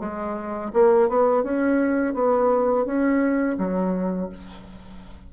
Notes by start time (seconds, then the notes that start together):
0.00 G#3
0.74 A#3
1.09 B3
1.44 C#4
2.14 B3
2.86 C#4
3.58 F#3